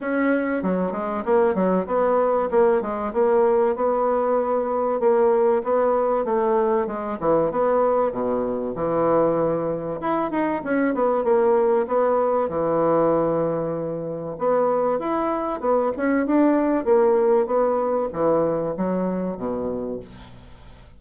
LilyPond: \new Staff \with { instrumentName = "bassoon" } { \time 4/4 \tempo 4 = 96 cis'4 fis8 gis8 ais8 fis8 b4 | ais8 gis8 ais4 b2 | ais4 b4 a4 gis8 e8 | b4 b,4 e2 |
e'8 dis'8 cis'8 b8 ais4 b4 | e2. b4 | e'4 b8 cis'8 d'4 ais4 | b4 e4 fis4 b,4 | }